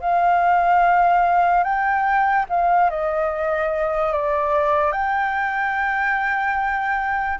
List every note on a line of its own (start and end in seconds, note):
0.00 1.63 F5
1.63 2.45 G5
2.49 2.90 F5
2.90 4.12 D#5
4.12 4.92 D5
4.92 7.39 G5